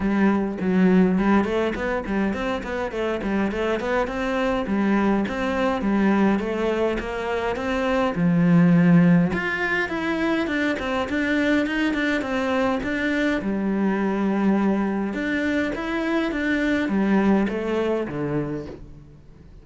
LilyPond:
\new Staff \with { instrumentName = "cello" } { \time 4/4 \tempo 4 = 103 g4 fis4 g8 a8 b8 g8 | c'8 b8 a8 g8 a8 b8 c'4 | g4 c'4 g4 a4 | ais4 c'4 f2 |
f'4 e'4 d'8 c'8 d'4 | dis'8 d'8 c'4 d'4 g4~ | g2 d'4 e'4 | d'4 g4 a4 d4 | }